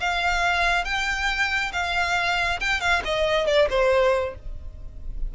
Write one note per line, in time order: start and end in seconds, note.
0.00 0.85 F5
0.85 1.72 G5
1.73 2.60 F5
2.60 2.81 G5
2.81 3.02 F5
3.05 3.47 D#5
3.47 3.69 D5
3.70 4.35 C5